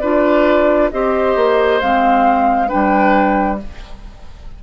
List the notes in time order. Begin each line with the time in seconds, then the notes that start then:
0.00 D4 F4 B4 D5
0.91 C4 G4 C5 D#5
1.36 A#3
1.80 G#3 C4 F5
2.68 G3 D4 B4 G5